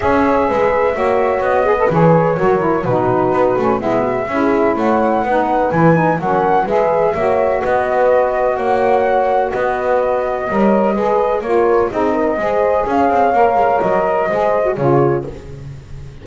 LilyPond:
<<
  \new Staff \with { instrumentName = "flute" } { \time 4/4 \tempo 4 = 126 e''2. dis''4 | cis''2 b'2 | e''2 fis''2 | gis''4 fis''4 e''2 |
dis''2 fis''2 | dis''1 | cis''4 dis''2 f''4~ | f''4 dis''2 cis''4 | }
  \new Staff \with { instrumentName = "horn" } { \time 4/4 cis''4 b'4 cis''4. b'8~ | b'4 ais'4 fis'2 | e'8 fis'8 gis'4 cis''4 b'4~ | b'4 ais'4 b'4 cis''4 |
b'2 cis''2 | b'2 cis''4 b'4 | ais'4 gis'8 ais'8 c''4 cis''4~ | cis''2 c''4 gis'4 | }
  \new Staff \with { instrumentName = "saxophone" } { \time 4/4 gis'2 fis'4. gis'16 a'16 | gis'4 fis'8 e'8 dis'4. cis'8 | b4 e'2 dis'4 | e'8 dis'8 cis'4 gis'4 fis'4~ |
fis'1~ | fis'2 ais'4 gis'4 | f'4 dis'4 gis'2 | ais'2 gis'8. fis'16 f'4 | }
  \new Staff \with { instrumentName = "double bass" } { \time 4/4 cis'4 gis4 ais4 b4 | e4 fis4 b,4 b8 a8 | gis4 cis'4 a4 b4 | e4 fis4 gis4 ais4 |
b2 ais2 | b2 g4 gis4 | ais4 c'4 gis4 cis'8 c'8 | ais8 gis8 fis4 gis4 cis4 | }
>>